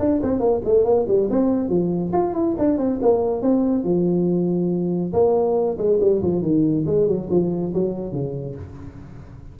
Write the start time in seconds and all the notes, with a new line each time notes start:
0.00 D4
0.23 C4
0.40 A#3
0.65 A3
0.85 A#3
1.08 G3
1.31 C4
1.69 F3
2.13 F4
2.34 E4
2.59 D4
2.78 C4
3.02 A#3
3.42 C4
3.84 F3
5.13 A#3
5.78 G#3
6.01 G3
6.23 F3
6.42 D#3
6.86 G#3
7.08 F#3
7.31 F3
7.74 F#3
8.12 C#3